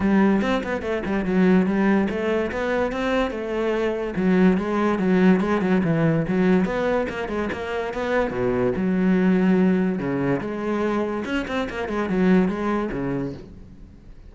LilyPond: \new Staff \with { instrumentName = "cello" } { \time 4/4 \tempo 4 = 144 g4 c'8 b8 a8 g8 fis4 | g4 a4 b4 c'4 | a2 fis4 gis4 | fis4 gis8 fis8 e4 fis4 |
b4 ais8 gis8 ais4 b4 | b,4 fis2. | cis4 gis2 cis'8 c'8 | ais8 gis8 fis4 gis4 cis4 | }